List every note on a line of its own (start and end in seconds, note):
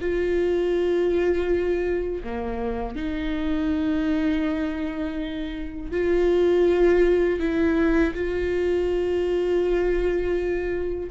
0.00 2.22 F4
2.23 2.95 A#3
2.95 5.91 D#4
5.91 7.39 F4
7.39 8.13 E4
8.14 11.10 F4